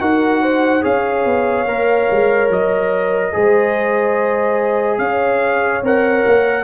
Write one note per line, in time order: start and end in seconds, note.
0.00 0.83 D#4
0.00 0.81 F#4
0.00 0.41 A#4
0.00 0.83 F#5
0.41 0.83 C5
0.81 1.25 C#4
0.81 1.65 G#4
0.81 3.33 C#5
0.81 2.51 F5
1.25 1.65 B3
1.65 2.07 A#3
1.65 3.32 A#4
2.11 2.49 G#3
2.49 3.32 F#3
2.49 4.98 D#5
3.32 4.98 G#3
3.32 5.82 G#4
3.32 5.01 C5
4.98 5.81 C#4
4.98 6.64 C#5
4.98 5.81 F5
5.82 6.24 C4
5.82 6.64 A#4
5.82 6.64 F#5
6.26 6.64 A#3